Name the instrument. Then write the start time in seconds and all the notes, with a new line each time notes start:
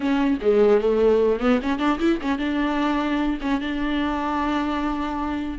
viola
0.00 C#4
0.41 G#3
0.81 A3
1.40 B3
1.62 C#4
1.78 D4
1.99 E4
2.21 C#4
2.38 D4
3.41 C#4
3.60 D4